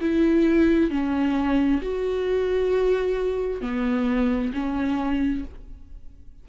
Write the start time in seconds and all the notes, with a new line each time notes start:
0.00 E4
0.90 C#4
1.81 F#4
3.61 B3
4.53 C#4